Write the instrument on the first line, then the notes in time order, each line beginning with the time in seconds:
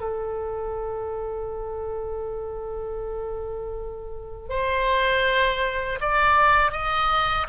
oboe
0.00 A4
4.49 C5
6.00 D5
6.71 D#5